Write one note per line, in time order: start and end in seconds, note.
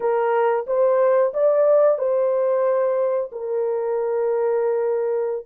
0.00 0.66 A#4
0.67 1.32 C5
1.33 1.98 D5
1.98 3.30 C5
3.31 5.45 A#4